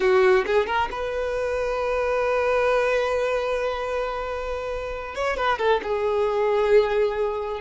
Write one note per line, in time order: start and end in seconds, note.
0.00 0.44 F#4
0.46 0.66 G#4
0.66 0.88 A#4
0.91 5.15 B4
5.15 5.36 C#5
5.36 5.58 B4
5.58 5.80 A4
5.82 7.60 G#4